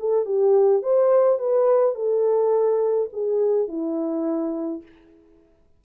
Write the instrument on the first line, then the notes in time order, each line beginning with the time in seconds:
horn
0.00 A4
0.25 G4
0.82 C5
1.39 B4
1.95 A4
3.13 G#4
3.68 E4